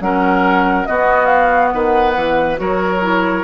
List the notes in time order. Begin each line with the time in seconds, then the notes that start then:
0.00 F#3 C#4 A#4 F#5
0.86 B3 F#4 D#5
1.26 F5
1.71 D#3 B4 F#5
2.15 E3
2.56 F#3 F#4 A#4 C#5
3.01 E4